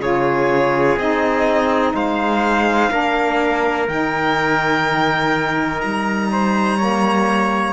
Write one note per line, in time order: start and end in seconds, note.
0.00 0.97 C#3
0.00 0.98 F4
0.00 1.95 G#4
0.00 0.99 C#5
0.97 1.94 C4
0.97 2.90 D#4
0.97 1.96 D#5
1.95 2.91 G#3
1.95 2.92 C5
1.95 3.89 F5
2.90 3.88 A#3
2.90 3.87 D4
2.90 6.30 A#4
3.88 5.82 D#3
3.88 6.78 D#4
3.88 5.81 G5
5.81 7.73 G3
5.81 7.73 A#5
6.32 6.77 C5
6.77 7.73 A#3
6.77 7.73 C#5